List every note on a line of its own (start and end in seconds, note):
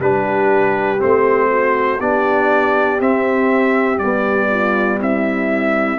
0.00 1.00 G3
0.00 0.99 D4
0.00 1.50 G4
0.00 1.02 B4
0.99 2.01 A3
0.99 1.99 C4
0.99 2.01 C5
1.50 2.00 F#4
2.00 3.01 B3
2.00 3.00 D4
2.00 4.50 G4
2.00 3.01 D5
3.00 3.98 C4
3.00 4.01 C4
3.00 3.99 E5
3.98 5.98 G3
3.98 4.99 D5
4.04 5.01 B3
4.51 4.99 F4
4.99 5.99 C4
4.99 5.99 E4
4.99 5.99 E5